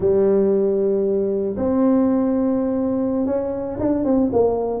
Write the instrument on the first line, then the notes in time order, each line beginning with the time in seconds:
tuba
0.00 G3
1.56 C4
3.26 C#4
3.79 D4
4.04 C4
4.32 A#3